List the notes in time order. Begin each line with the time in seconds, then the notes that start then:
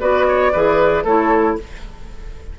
0.00 B3 F#4 B4 D5
0.27 C#5
0.52 E3 G#4 B4
1.04 A3 E4 A4 C#5